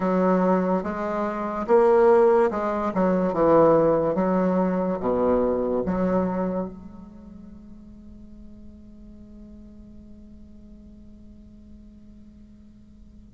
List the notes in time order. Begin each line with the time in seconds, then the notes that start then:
0.00 F#3
0.83 G#3
1.67 A#3
2.50 G#3
2.94 F#3
3.33 E3
4.14 F#3
5.00 B2
5.85 F#3
6.67 G#3